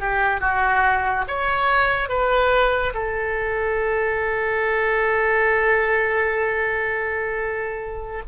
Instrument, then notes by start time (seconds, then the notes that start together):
oboe
0.00 G4
0.41 F#4
1.28 C#5
2.09 B4
2.94 A4